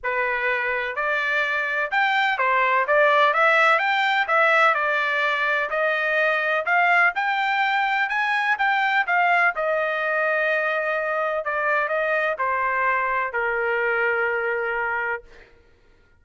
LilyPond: \new Staff \with { instrumentName = "trumpet" } { \time 4/4 \tempo 4 = 126 b'2 d''2 | g''4 c''4 d''4 e''4 | g''4 e''4 d''2 | dis''2 f''4 g''4~ |
g''4 gis''4 g''4 f''4 | dis''1 | d''4 dis''4 c''2 | ais'1 | }